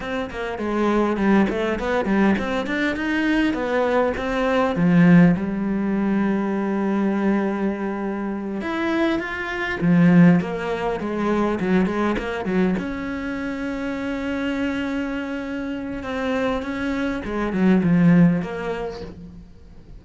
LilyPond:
\new Staff \with { instrumentName = "cello" } { \time 4/4 \tempo 4 = 101 c'8 ais8 gis4 g8 a8 b8 g8 | c'8 d'8 dis'4 b4 c'4 | f4 g2.~ | g2~ g8 e'4 f'8~ |
f'8 f4 ais4 gis4 fis8 | gis8 ais8 fis8 cis'2~ cis'8~ | cis'2. c'4 | cis'4 gis8 fis8 f4 ais4 | }